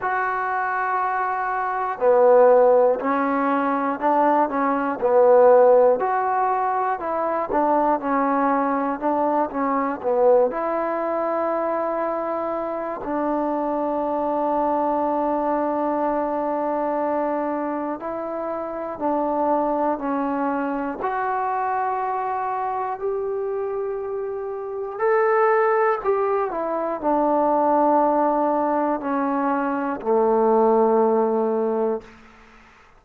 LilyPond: \new Staff \with { instrumentName = "trombone" } { \time 4/4 \tempo 4 = 60 fis'2 b4 cis'4 | d'8 cis'8 b4 fis'4 e'8 d'8 | cis'4 d'8 cis'8 b8 e'4.~ | e'4 d'2.~ |
d'2 e'4 d'4 | cis'4 fis'2 g'4~ | g'4 a'4 g'8 e'8 d'4~ | d'4 cis'4 a2 | }